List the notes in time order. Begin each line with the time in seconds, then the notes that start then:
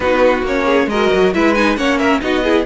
0.00 B3 D#4 F#4 B4
0.42 A#3 C#4 C#5
0.65 G#4
0.86 G#3 A#4 D#5
0.93 F#4
1.13 F#3
1.34 G#3 E4 B4 E5
1.54 D#4 G#5
1.76 A#3 C#4 C#5 F#5
1.98 A#4 E5
2.21 B3 D#4 F#4 D#5
2.43 E4 G#4